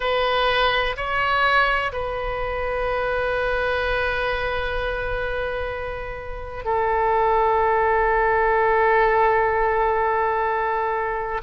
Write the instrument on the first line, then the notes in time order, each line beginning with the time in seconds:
oboe
0.00 B4
0.96 C#5
1.92 B4
6.65 A4